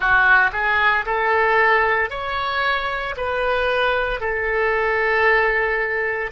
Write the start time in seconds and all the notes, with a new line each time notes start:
0.00 F#4
0.52 G#4
1.05 A4
2.10 C#5
3.16 B4
4.20 A4